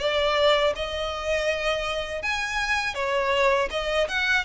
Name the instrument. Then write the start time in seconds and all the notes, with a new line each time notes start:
violin
0.00 D5
0.76 D#5
2.23 G#5
2.95 C#5
3.71 D#5
4.09 F#5